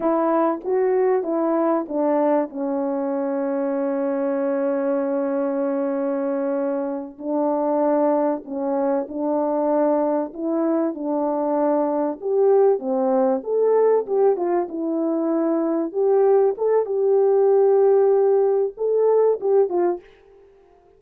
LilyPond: \new Staff \with { instrumentName = "horn" } { \time 4/4 \tempo 4 = 96 e'4 fis'4 e'4 d'4 | cis'1~ | cis'2.~ cis'8 d'8~ | d'4. cis'4 d'4.~ |
d'8 e'4 d'2 g'8~ | g'8 c'4 a'4 g'8 f'8 e'8~ | e'4. g'4 a'8 g'4~ | g'2 a'4 g'8 f'8 | }